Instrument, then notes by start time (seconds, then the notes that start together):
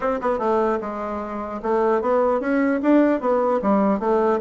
bassoon
0.00 C4
0.21 B3
0.38 A3
0.81 G#3
1.62 A3
2.01 B3
2.40 C#4
2.82 D4
3.20 B3
3.62 G3
3.99 A3